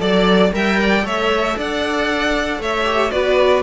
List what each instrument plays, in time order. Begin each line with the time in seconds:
0.00 cello F#3, viola A4, violin D5
0.53 cello G3, viola A#4, violin E5 G5
0.81 violin D5
1.02 cello A3, viola A4, violin C#5 E5
1.57 cello D4, violin D5 F#5
2.59 cello A3, violin C#5 E5
2.85 viola G4
3.11 cello B3, viola F#4, violin B4 D5